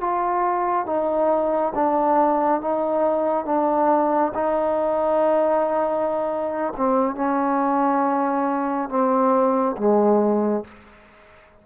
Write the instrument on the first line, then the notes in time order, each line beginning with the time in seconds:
trombone
0.00 F4
0.86 D#4
1.74 D4
2.60 D#4
3.45 D4
4.34 D#4
6.77 C4
7.15 C#4
8.89 C4
9.77 G#3